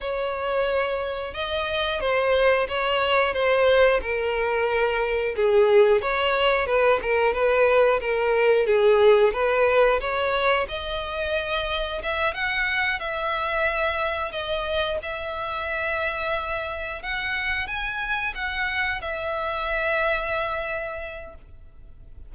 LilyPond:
\new Staff \with { instrumentName = "violin" } { \time 4/4 \tempo 4 = 90 cis''2 dis''4 c''4 | cis''4 c''4 ais'2 | gis'4 cis''4 b'8 ais'8 b'4 | ais'4 gis'4 b'4 cis''4 |
dis''2 e''8 fis''4 e''8~ | e''4. dis''4 e''4.~ | e''4. fis''4 gis''4 fis''8~ | fis''8 e''2.~ e''8 | }